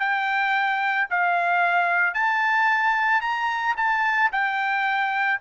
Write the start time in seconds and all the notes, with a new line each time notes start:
0.00 G5
1.11 F5
2.14 A5
3.22 A#5
3.77 A5
4.32 G5